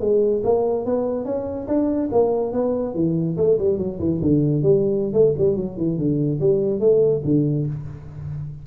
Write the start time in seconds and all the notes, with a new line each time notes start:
0.00 G#3
0.43 A#3
0.85 B3
1.25 C#4
1.67 D4
2.12 A#3
2.52 B3
2.94 E3
3.37 A3
3.58 G3
3.78 F#3
3.99 E3
4.21 D3
4.62 G3
5.13 A3
5.38 G3
5.56 F#3
5.77 E3
5.98 D3
6.40 G3
6.80 A3
7.25 D3